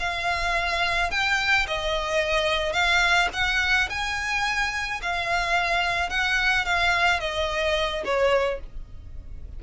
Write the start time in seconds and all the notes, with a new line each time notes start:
0.00 F5
1.11 G5
1.68 D#5
2.73 F5
3.34 F#5
3.90 G#5
5.02 F5
6.10 F#5
6.66 F5
7.20 D#5
8.05 C#5